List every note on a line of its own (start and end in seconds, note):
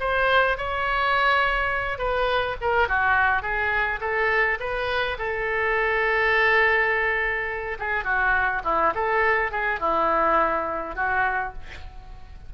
0.00 0.58 C5
0.58 1.99 C#5
1.99 2.56 B4
2.61 2.88 A#4
2.88 3.42 F#4
3.42 4.00 G#4
4.01 4.59 A4
4.60 5.18 B4
5.18 7.78 A4
7.79 8.05 G#4
8.05 8.62 F#4
8.65 8.93 E4
8.95 9.52 A4
9.52 9.80 G#4
9.80 10.96 E4
10.96 11.53 F#4